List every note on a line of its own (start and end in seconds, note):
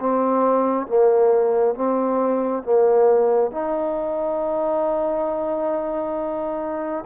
0.00 0.87 C4
0.87 1.75 A#3
1.75 2.64 C4
2.64 3.52 A#3
3.52 7.05 D#4